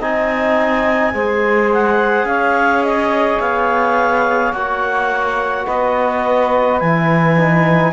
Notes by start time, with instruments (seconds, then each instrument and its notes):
0.00 cello C4, trombone D#4, saxophone D#5, clarinet G#5
1.13 cello G#3, trombone G#4, saxophone C5
1.73 clarinet F#5
2.25 cello C#4, saxophone C#5, clarinet F5
2.83 clarinet D#5
3.40 cello B3, clarinet F5
4.53 cello A#3, trombone F#4, clarinet F#5
5.65 cello B3, saxophone B4, clarinet D#5
6.80 cello E3, trombone E4, clarinet G#5
7.37 trombone D#4